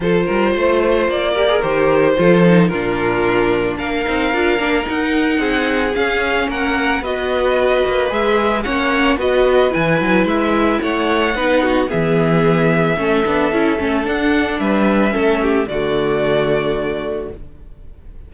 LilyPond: <<
  \new Staff \with { instrumentName = "violin" } { \time 4/4 \tempo 4 = 111 c''2 d''4 c''4~ | c''4 ais'2 f''4~ | f''4 fis''2 f''4 | fis''4 dis''2 e''4 |
fis''4 dis''4 gis''4 e''4 | fis''2 e''2~ | e''2 fis''4 e''4~ | e''4 d''2. | }
  \new Staff \with { instrumentName = "violin" } { \time 4/4 a'8 ais'8 c''4. ais'4. | a'4 f'2 ais'4~ | ais'2 gis'2 | ais'4 b'2. |
cis''4 b'2. | cis''4 b'8 fis'8 gis'2 | a'2. b'4 | a'8 g'8 fis'2. | }
  \new Staff \with { instrumentName = "viola" } { \time 4/4 f'2~ f'8 g'16 gis'16 g'4 | f'8 dis'8 d'2~ d'8 dis'8 | f'8 d'8 dis'2 cis'4~ | cis'4 fis'2 gis'4 |
cis'4 fis'4 e'2~ | e'4 dis'4 b2 | cis'8 d'8 e'8 cis'8 d'2 | cis'4 a2. | }
  \new Staff \with { instrumentName = "cello" } { \time 4/4 f8 g8 a4 ais4 dis4 | f4 ais,2 ais8 c'8 | d'8 ais8 dis'4 c'4 cis'4 | ais4 b4. ais8 gis4 |
ais4 b4 e8 fis8 gis4 | a4 b4 e2 | a8 b8 cis'8 a8 d'4 g4 | a4 d2. | }
>>